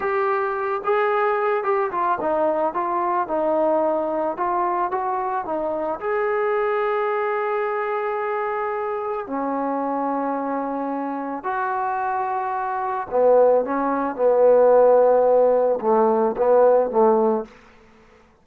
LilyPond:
\new Staff \with { instrumentName = "trombone" } { \time 4/4 \tempo 4 = 110 g'4. gis'4. g'8 f'8 | dis'4 f'4 dis'2 | f'4 fis'4 dis'4 gis'4~ | gis'1~ |
gis'4 cis'2.~ | cis'4 fis'2. | b4 cis'4 b2~ | b4 a4 b4 a4 | }